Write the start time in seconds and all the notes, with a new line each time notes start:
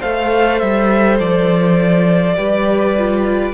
0.00 A3 A4 C5 F5
0.59 G3 E5
1.19 F3 D5
2.37 G3 G4 B4
2.97 F4